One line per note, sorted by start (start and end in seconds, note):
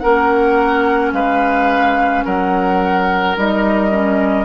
0.00 1.13 A#3
0.00 3.37 C#4
0.00 1.14 A#4
0.00 1.11 F#5
1.13 2.24 G#3
1.13 2.25 B4
1.13 2.25 F5
2.25 3.37 F#3
2.25 4.46 A#4
2.25 3.37 F#5
3.37 4.46 G3
3.37 3.92 D#4
3.37 4.46 D#5
3.92 4.46 C#4